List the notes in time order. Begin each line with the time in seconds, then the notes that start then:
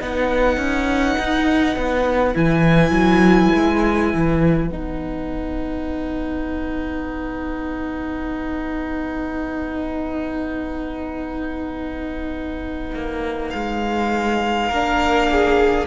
0.00 B3 D#4 B4 F#5
0.58 C#4
1.19 D#4
1.76 B3
2.34 E3 E4 G#5
2.91 F#3
3.55 G#3
4.14 E3
4.68 B3 D#4 F#5
12.95 A#3
13.50 G#3 F5
14.69 A#3 D4 A#4
15.32 G#4